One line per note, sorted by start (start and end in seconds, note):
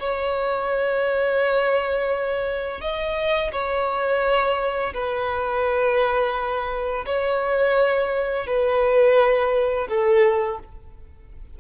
0.00 2.81 C#5
2.81 3.52 D#5
3.52 4.93 C#5
4.94 7.06 B4
7.06 8.47 C#5
8.47 9.88 B4
9.89 10.59 A4